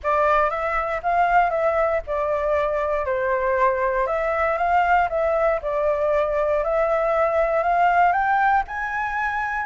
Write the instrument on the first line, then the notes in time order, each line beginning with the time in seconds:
flute
0.03 D5
0.49 E5
1.02 F5
1.50 E5
2.06 D5
3.05 C5
4.06 E5
4.57 F5
5.09 E5
5.62 D5
6.64 E5
7.63 F5
8.12 G5
8.67 G#5